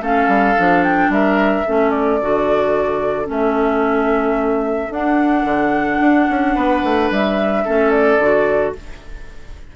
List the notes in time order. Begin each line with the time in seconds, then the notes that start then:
0.00 A3 C#4 A4 F5
0.27 G3
0.56 F3 D4
0.84 G5
1.09 G3 A#4 E5
1.65 A3 C#4 A4
1.90 D5
2.21 D3 F#4
3.25 A3 C#4 E5
4.89 D4 F#5
5.44 D3
6.00 D4
6.29 C#4
6.55 B3 B4
6.83 A3
7.10 G3 E5
7.64 A3 C#4 A4
7.90 D5
8.18 D3 F#4